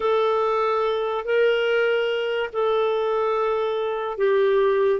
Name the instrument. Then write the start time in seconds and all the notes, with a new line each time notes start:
clarinet
0.00 A4
1.25 A#4
2.52 A4
4.17 G4